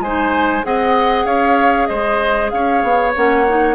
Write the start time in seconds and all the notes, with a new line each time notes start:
0.00 G#3 D#4 C5 G#5
0.63 C4 G#4 D#5 F#5
1.25 C#4 C#5 F5
1.87 G#3 C5 D#5
2.50 C#4 C#5 F5
2.83 B3
3.16 A#3 C#4 F#5
3.48 D#4